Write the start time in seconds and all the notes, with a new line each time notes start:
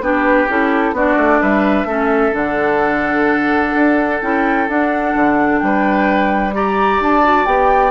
0.00 B3 D4 G4 B4
0.48 C#4 E4 A4
0.92 B3 D4 F#4 D5
1.17 A3
1.41 G3 B4 E5
1.84 A3 C#4 A4
2.31 D3 D4 F#5
3.74 D4
4.21 C#4 E4 G5
4.68 D4 F#5
5.15 D3
5.58 G3 B4 G5
6.53 G4 D5 A#5
7.00 D4 A5
7.23 F#4
7.45 B3 G4 G5